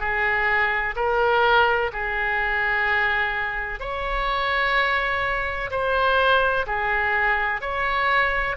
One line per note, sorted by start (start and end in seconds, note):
0.00 0.95 G#4
0.96 1.91 A#4
1.93 3.80 G#4
3.80 5.71 C#5
5.71 6.66 C5
6.67 7.61 G#4
7.61 8.56 C#5